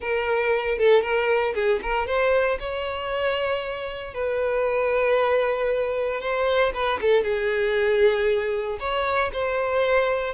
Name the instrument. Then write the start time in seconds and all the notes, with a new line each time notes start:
violin
0.00 A#4
0.78 A4
1.02 A#4
1.54 G#4
1.82 A#4
2.06 C5
2.59 C#5
4.14 B4
6.21 C5
6.73 B4
7.01 A4
7.23 G#4
8.79 C#5
9.32 C5